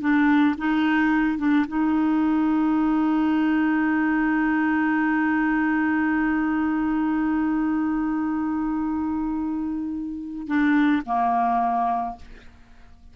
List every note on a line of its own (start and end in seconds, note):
0.00 0.55 D4
0.58 1.38 D#4
1.38 1.65 D4
1.67 10.47 D#4
10.47 11.02 D4
11.06 12.16 A#3